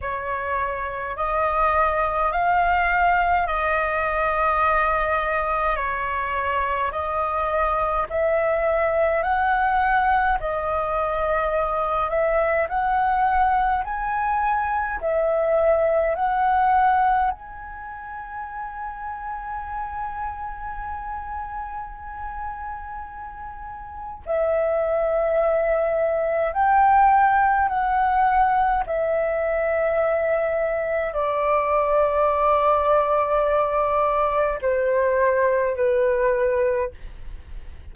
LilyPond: \new Staff \with { instrumentName = "flute" } { \time 4/4 \tempo 4 = 52 cis''4 dis''4 f''4 dis''4~ | dis''4 cis''4 dis''4 e''4 | fis''4 dis''4. e''8 fis''4 | gis''4 e''4 fis''4 gis''4~ |
gis''1~ | gis''4 e''2 g''4 | fis''4 e''2 d''4~ | d''2 c''4 b'4 | }